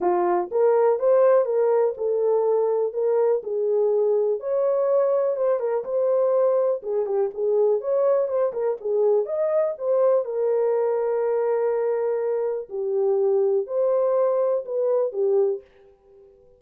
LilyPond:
\new Staff \with { instrumentName = "horn" } { \time 4/4 \tempo 4 = 123 f'4 ais'4 c''4 ais'4 | a'2 ais'4 gis'4~ | gis'4 cis''2 c''8 ais'8 | c''2 gis'8 g'8 gis'4 |
cis''4 c''8 ais'8 gis'4 dis''4 | c''4 ais'2.~ | ais'2 g'2 | c''2 b'4 g'4 | }